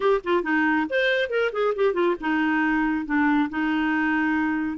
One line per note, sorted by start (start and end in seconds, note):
0.00 0.21 G4
0.24 0.43 F4
0.43 0.86 D#4
0.89 1.29 C5
1.29 1.51 A#4
1.52 1.74 G#4
1.75 1.93 G4
1.93 2.15 F4
2.20 3.05 D#4
3.05 3.49 D4
3.49 4.77 D#4